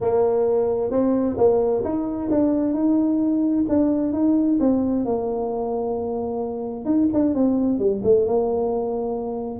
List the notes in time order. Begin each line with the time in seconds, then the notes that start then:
0.00 A#3
0.90 C4
1.37 A#3
1.84 D#4
2.30 D4
2.73 D#4
3.68 D4
4.12 D#4
4.60 C4
5.05 A#3
6.85 D#4
7.13 D4
7.34 C4
7.78 G3
8.03 A3
8.26 A#3